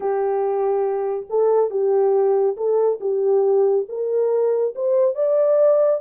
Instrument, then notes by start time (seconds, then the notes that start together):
horn
0.00 G4
1.29 A4
1.70 G4
2.56 A4
3.00 G4
3.88 A#4
4.75 C5
5.14 D5